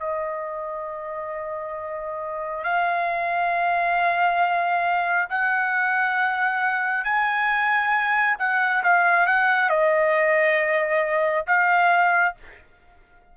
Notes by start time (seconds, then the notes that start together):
0.00 D#5
2.64 F5
5.29 F#5
7.04 G#5
8.39 F#5
8.84 F5
9.27 F#5
9.70 D#5
11.47 F5